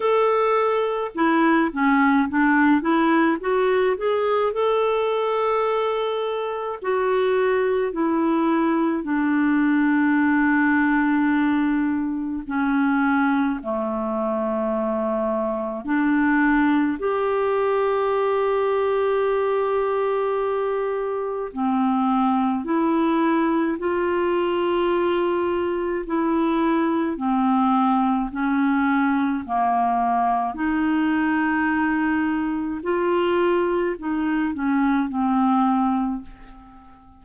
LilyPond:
\new Staff \with { instrumentName = "clarinet" } { \time 4/4 \tempo 4 = 53 a'4 e'8 cis'8 d'8 e'8 fis'8 gis'8 | a'2 fis'4 e'4 | d'2. cis'4 | a2 d'4 g'4~ |
g'2. c'4 | e'4 f'2 e'4 | c'4 cis'4 ais4 dis'4~ | dis'4 f'4 dis'8 cis'8 c'4 | }